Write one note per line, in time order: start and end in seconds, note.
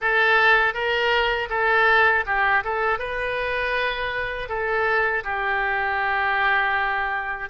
0.01 0.73 A4
0.73 1.48 A#4
1.49 2.24 A4
2.26 2.63 G4
2.64 2.98 A4
2.98 4.48 B4
4.48 5.23 A4
5.24 7.49 G4